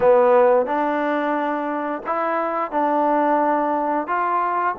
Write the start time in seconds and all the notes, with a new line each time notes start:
0.00 B3
0.66 D4
2.06 E4
2.71 D4
4.07 F4